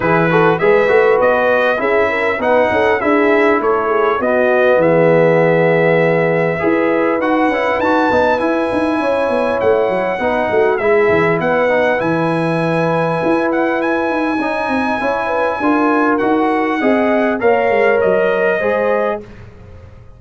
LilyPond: <<
  \new Staff \with { instrumentName = "trumpet" } { \time 4/4 \tempo 4 = 100 b'4 e''4 dis''4 e''4 | fis''4 e''4 cis''4 dis''4 | e''1 | fis''4 a''4 gis''2 |
fis''2 e''4 fis''4 | gis''2~ gis''8 fis''8 gis''4~ | gis''2. fis''4~ | fis''4 f''4 dis''2 | }
  \new Staff \with { instrumentName = "horn" } { \time 4/4 gis'8 a'8 b'2 gis'8 ais'8 | b'8 a'8 gis'4 a'8 gis'8 fis'4 | gis'2. b'4~ | b'2. cis''4~ |
cis''4 b'8 fis'8 gis'4 b'4~ | b'1 | dis''4 cis''8 b'8 ais'2 | dis''4 cis''2 c''4 | }
  \new Staff \with { instrumentName = "trombone" } { \time 4/4 e'8 fis'8 gis'8 fis'4. e'4 | dis'4 e'2 b4~ | b2. gis'4 | fis'8 e'8 fis'8 dis'8 e'2~ |
e'4 dis'4 e'4. dis'8 | e'1 | dis'4 e'4 f'4 fis'4 | gis'4 ais'2 gis'4 | }
  \new Staff \with { instrumentName = "tuba" } { \time 4/4 e4 gis8 a8 b4 cis'4 | b8 cis'8 d'4 a4 b4 | e2. e'4 | dis'8 cis'8 dis'8 b8 e'8 dis'8 cis'8 b8 |
a8 fis8 b8 a8 gis8 e8 b4 | e2 e'4. dis'8 | cis'8 c'8 cis'4 d'4 dis'4 | c'4 ais8 gis8 fis4 gis4 | }
>>